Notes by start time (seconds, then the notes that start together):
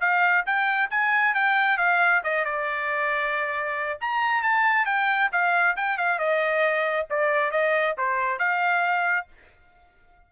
0.00 F5
0.46 G5
0.90 G#5
1.34 G5
1.77 F5
2.23 D#5
2.44 D5
4.00 A#5
4.43 A5
4.85 G5
5.32 F5
5.76 G5
5.97 F5
6.18 D#5
7.10 D5
7.51 D#5
7.97 C5
8.38 F5